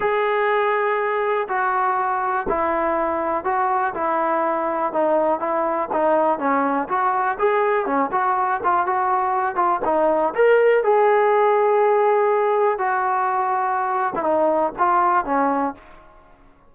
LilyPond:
\new Staff \with { instrumentName = "trombone" } { \time 4/4 \tempo 4 = 122 gis'2. fis'4~ | fis'4 e'2 fis'4 | e'2 dis'4 e'4 | dis'4 cis'4 fis'4 gis'4 |
cis'8 fis'4 f'8 fis'4. f'8 | dis'4 ais'4 gis'2~ | gis'2 fis'2~ | fis'8. e'16 dis'4 f'4 cis'4 | }